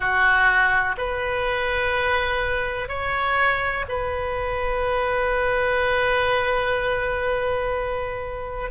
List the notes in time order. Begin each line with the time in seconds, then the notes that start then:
0.00 F#4
0.97 B4
2.88 C#5
3.88 B4